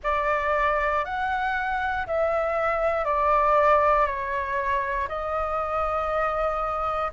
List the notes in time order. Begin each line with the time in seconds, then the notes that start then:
0.03 D5
1.04 F#5
2.06 E5
3.04 D5
4.06 C#5
5.08 D#5